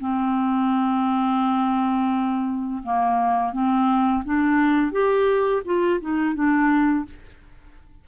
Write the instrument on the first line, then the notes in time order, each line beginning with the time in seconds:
clarinet
0.00 C4
2.83 A#3
3.53 C4
4.25 D4
4.92 G4
5.65 F4
6.01 D#4
6.35 D4